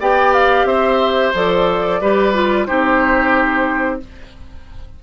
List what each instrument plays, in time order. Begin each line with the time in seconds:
0.00 bassoon B3, clarinet G4, oboe D5, flute G5
0.34 flute F5
0.65 bassoon C4, oboe C5, flute E5
1.34 bassoon F3, clarinet A4, flute D5
2.01 bassoon G3, clarinet G4, oboe B4
2.34 clarinet F4
2.66 bassoon C4, clarinet D#4, oboe G4, flute C5